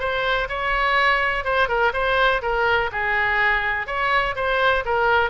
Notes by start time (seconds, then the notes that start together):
0.00 C5
0.49 C#5
1.45 C5
1.68 A#4
1.93 C5
2.42 A#4
2.92 G#4
3.87 C#5
4.36 C5
4.85 A#4